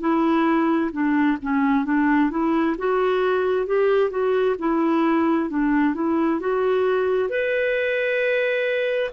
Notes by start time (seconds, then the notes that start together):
0.00 E4
0.92 D4
1.42 C#4
1.85 D4
2.31 E4
2.78 F#4
3.67 G4
4.10 F#4
4.59 E4
5.50 D4
5.95 E4
6.40 F#4
7.29 B4